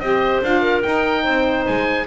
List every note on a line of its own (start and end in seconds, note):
0.00 0.41 C4
0.00 0.44 G4
0.00 0.62 C5
0.00 0.41 D#5
0.43 0.84 D4
0.43 0.83 F4
0.43 0.82 F5
0.62 1.23 A#4
0.82 2.06 D#4
0.82 1.25 D#4
0.82 1.65 G5
1.23 1.67 C4
1.23 2.05 C5
1.67 2.08 G#3
1.67 2.08 G#5